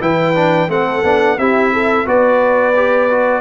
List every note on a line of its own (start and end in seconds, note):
0.00 0.68 E3
0.00 0.34 E4
0.00 0.69 B4
0.00 0.70 G5
0.35 0.69 D4
0.68 1.02 A3
0.68 1.03 C4
0.68 1.38 A4
0.68 1.38 F#5
1.03 1.37 B3
1.03 1.38 D4
1.37 2.06 C4
1.37 2.05 E4
1.37 1.73 G4
1.37 2.07 E5
1.73 2.06 A4
2.05 3.41 B3
2.05 2.74 F#4
2.05 3.41 B4
2.05 3.41 D5
2.75 3.10 G4
3.10 3.41 F#4